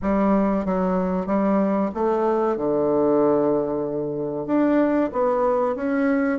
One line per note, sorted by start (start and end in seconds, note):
0.02 0.65 G3
0.65 1.26 F#3
1.26 1.90 G3
1.94 2.56 A3
2.56 4.46 D3
4.46 5.10 D4
5.12 5.75 B3
5.75 6.39 C#4